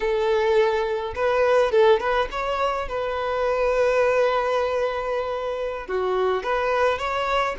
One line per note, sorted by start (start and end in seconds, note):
0.00 1.14 A4
1.15 1.71 B4
1.71 1.99 A4
1.99 2.28 B4
2.31 2.88 C#5
2.88 5.87 B4
5.87 6.43 F#4
6.43 6.98 B4
6.98 7.55 C#5